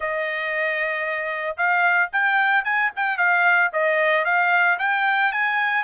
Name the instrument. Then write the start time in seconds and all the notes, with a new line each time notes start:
trumpet
0.00 D#5
1.57 F5
2.12 G5
2.64 G#5
2.95 G5
3.17 F5
3.73 D#5
4.24 F5
4.79 G5
5.32 G#5